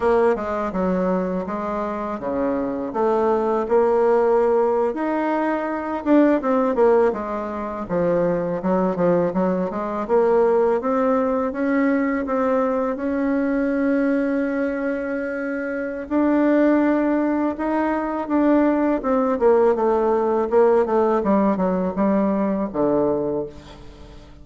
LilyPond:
\new Staff \with { instrumentName = "bassoon" } { \time 4/4 \tempo 4 = 82 ais8 gis8 fis4 gis4 cis4 | a4 ais4.~ ais16 dis'4~ dis'16~ | dis'16 d'8 c'8 ais8 gis4 f4 fis16~ | fis16 f8 fis8 gis8 ais4 c'4 cis'16~ |
cis'8. c'4 cis'2~ cis'16~ | cis'2 d'2 | dis'4 d'4 c'8 ais8 a4 | ais8 a8 g8 fis8 g4 d4 | }